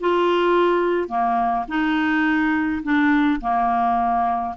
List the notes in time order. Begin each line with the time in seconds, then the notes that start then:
0.00 F4
1.08 A#3
1.68 D#4
2.83 D4
3.40 A#3